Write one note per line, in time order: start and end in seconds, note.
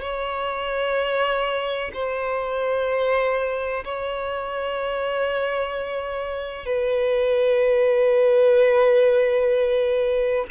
0.00 1.90 C#5
1.93 3.84 C5
3.84 6.65 C#5
6.65 10.46 B4